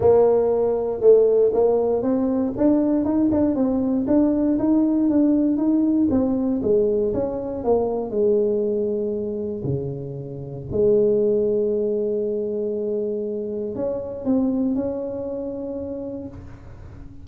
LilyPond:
\new Staff \with { instrumentName = "tuba" } { \time 4/4 \tempo 4 = 118 ais2 a4 ais4 | c'4 d'4 dis'8 d'8 c'4 | d'4 dis'4 d'4 dis'4 | c'4 gis4 cis'4 ais4 |
gis2. cis4~ | cis4 gis2.~ | gis2. cis'4 | c'4 cis'2. | }